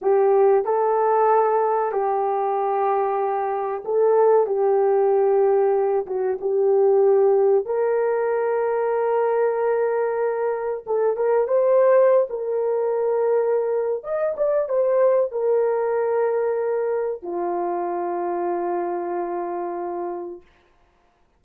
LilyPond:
\new Staff \with { instrumentName = "horn" } { \time 4/4 \tempo 4 = 94 g'4 a'2 g'4~ | g'2 a'4 g'4~ | g'4. fis'8 g'2 | ais'1~ |
ais'4 a'8 ais'8 c''4~ c''16 ais'8.~ | ais'2 dis''8 d''8 c''4 | ais'2. f'4~ | f'1 | }